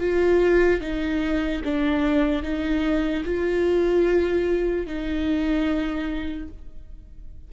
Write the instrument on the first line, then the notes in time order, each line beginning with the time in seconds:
viola
0.00 F4
0.81 D#4
1.65 D4
2.43 D#4
3.25 F4
4.86 D#4